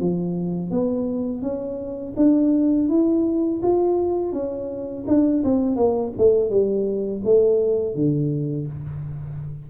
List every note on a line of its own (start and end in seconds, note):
0.00 0.71 F3
0.71 1.42 B3
1.42 2.14 C#4
2.16 2.88 D4
2.88 3.61 E4
3.62 4.32 F4
4.32 5.04 C#4
5.07 5.43 D4
5.44 5.76 C4
5.76 6.12 A#3
6.17 6.50 A3
6.50 7.22 G3
7.24 7.95 A3
7.95 8.67 D3